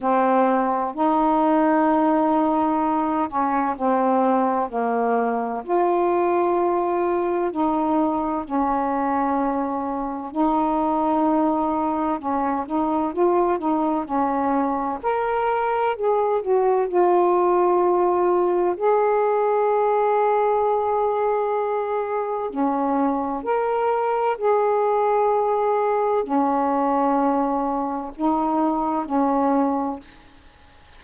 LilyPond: \new Staff \with { instrumentName = "saxophone" } { \time 4/4 \tempo 4 = 64 c'4 dis'2~ dis'8 cis'8 | c'4 ais4 f'2 | dis'4 cis'2 dis'4~ | dis'4 cis'8 dis'8 f'8 dis'8 cis'4 |
ais'4 gis'8 fis'8 f'2 | gis'1 | cis'4 ais'4 gis'2 | cis'2 dis'4 cis'4 | }